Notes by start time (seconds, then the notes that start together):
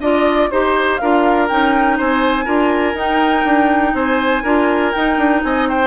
0.00 D4 F4 D5 D#5
0.51 D#4 G4 C5
0.97 D4 F4 A#4 F5
1.48 C#4 D#4 G5
1.98 C4 C5 G#5
2.45 D4 F4 A#4
2.94 D#4 G5
3.45 D4
3.94 C4 C5 G#5
4.43 D4 F4 A#4
4.92 D#4 G5
5.18 D4
5.43 C4 D#5 G#5
5.68 C5 G5